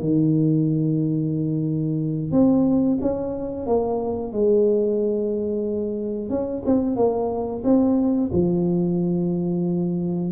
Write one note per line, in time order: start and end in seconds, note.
0.00 2.31 D#3
2.31 2.98 C4
3.01 3.66 C#4
3.66 4.32 A#3
4.32 6.29 G#3
6.29 6.62 C#4
6.65 6.96 C4
6.96 7.62 A#3
7.64 8.30 C4
8.32 10.31 F3